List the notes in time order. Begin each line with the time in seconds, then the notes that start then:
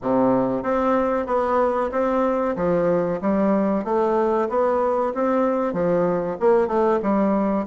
0.02 C3
0.62 C4
1.26 B3
1.91 C4
2.56 F3
3.21 G3
3.84 A3
4.49 B3
5.14 C4
5.73 F3
6.40 A#3
6.67 A3
7.02 G3